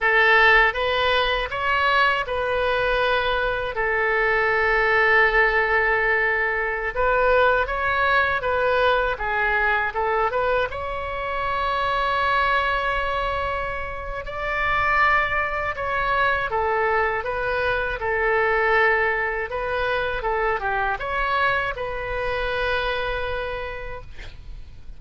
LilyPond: \new Staff \with { instrumentName = "oboe" } { \time 4/4 \tempo 4 = 80 a'4 b'4 cis''4 b'4~ | b'4 a'2.~ | a'4~ a'16 b'4 cis''4 b'8.~ | b'16 gis'4 a'8 b'8 cis''4.~ cis''16~ |
cis''2. d''4~ | d''4 cis''4 a'4 b'4 | a'2 b'4 a'8 g'8 | cis''4 b'2. | }